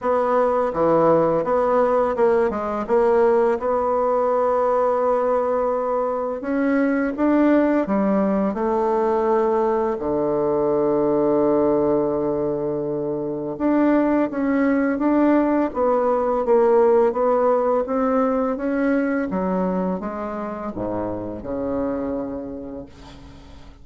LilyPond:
\new Staff \with { instrumentName = "bassoon" } { \time 4/4 \tempo 4 = 84 b4 e4 b4 ais8 gis8 | ais4 b2.~ | b4 cis'4 d'4 g4 | a2 d2~ |
d2. d'4 | cis'4 d'4 b4 ais4 | b4 c'4 cis'4 fis4 | gis4 gis,4 cis2 | }